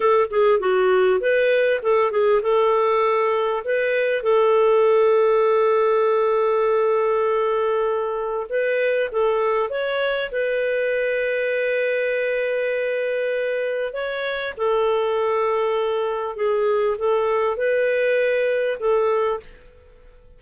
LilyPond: \new Staff \with { instrumentName = "clarinet" } { \time 4/4 \tempo 4 = 99 a'8 gis'8 fis'4 b'4 a'8 gis'8 | a'2 b'4 a'4~ | a'1~ | a'2 b'4 a'4 |
cis''4 b'2.~ | b'2. cis''4 | a'2. gis'4 | a'4 b'2 a'4 | }